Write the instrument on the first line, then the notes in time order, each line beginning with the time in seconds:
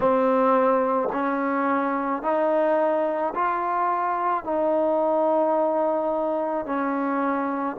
trombone
0.00 C4
1.12 C#4
2.22 D#4
3.34 F4
4.43 D#4
6.65 C#4